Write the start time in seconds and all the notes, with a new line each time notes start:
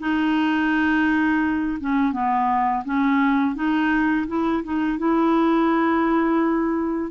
0.00 D#4
1.81 C#4
2.13 B3
2.85 C#4
3.56 D#4
4.28 E4
4.64 D#4
4.99 E4